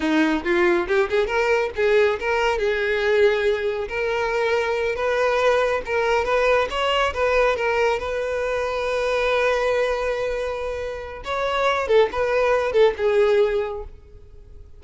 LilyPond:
\new Staff \with { instrumentName = "violin" } { \time 4/4 \tempo 4 = 139 dis'4 f'4 g'8 gis'8 ais'4 | gis'4 ais'4 gis'2~ | gis'4 ais'2~ ais'8 b'8~ | b'4. ais'4 b'4 cis''8~ |
cis''8 b'4 ais'4 b'4.~ | b'1~ | b'2 cis''4. a'8 | b'4. a'8 gis'2 | }